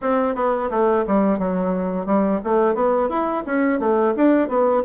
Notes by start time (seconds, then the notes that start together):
0.01 C4
0.35 B3
0.70 A3
1.07 G3
1.38 F#3
2.05 G3
2.44 A3
2.74 B3
3.09 E4
3.45 C#4
3.79 A3
4.16 D4
4.48 B3